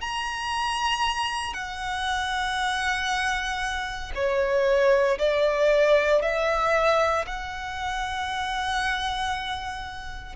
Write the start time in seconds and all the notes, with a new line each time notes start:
0.00 A#5
1.53 F#5
4.14 C#5
5.18 D5
6.22 E5
7.26 F#5